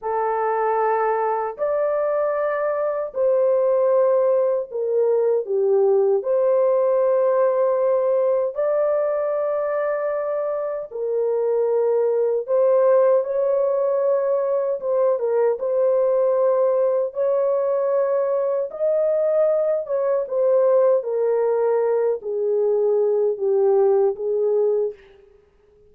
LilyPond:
\new Staff \with { instrumentName = "horn" } { \time 4/4 \tempo 4 = 77 a'2 d''2 | c''2 ais'4 g'4 | c''2. d''4~ | d''2 ais'2 |
c''4 cis''2 c''8 ais'8 | c''2 cis''2 | dis''4. cis''8 c''4 ais'4~ | ais'8 gis'4. g'4 gis'4 | }